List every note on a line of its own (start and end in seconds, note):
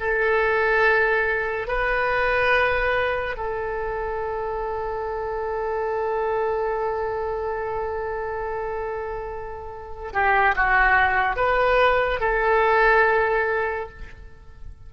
0.00 1.67 A4
1.67 3.36 B4
3.36 10.13 A4
10.13 10.55 G4
10.56 11.36 F#4
11.36 12.20 B4
12.20 13.89 A4